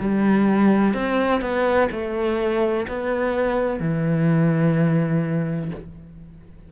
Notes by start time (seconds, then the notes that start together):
0.00 G3
0.94 C4
1.42 B3
1.92 A3
2.88 B3
3.81 E3